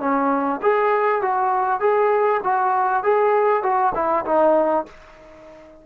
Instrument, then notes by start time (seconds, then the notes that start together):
trombone
0.00 C#4
0.63 G#4
1.22 F#4
1.80 G#4
2.44 F#4
3.04 G#4
3.63 F#4
3.95 E4
4.26 D#4